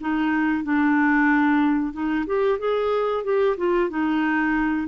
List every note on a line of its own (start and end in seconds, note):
0.00 0.63 D#4
0.63 1.93 D4
1.93 2.25 D#4
2.26 2.59 G4
2.59 3.24 G#4
3.24 3.57 G4
3.57 3.90 F4
3.90 4.87 D#4